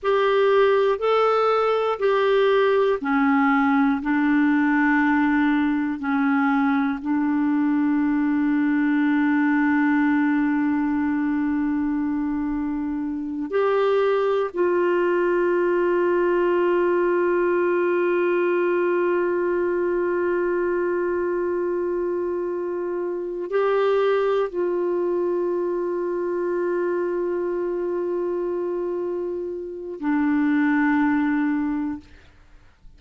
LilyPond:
\new Staff \with { instrumentName = "clarinet" } { \time 4/4 \tempo 4 = 60 g'4 a'4 g'4 cis'4 | d'2 cis'4 d'4~ | d'1~ | d'4. g'4 f'4.~ |
f'1~ | f'2.~ f'8 g'8~ | g'8 f'2.~ f'8~ | f'2 d'2 | }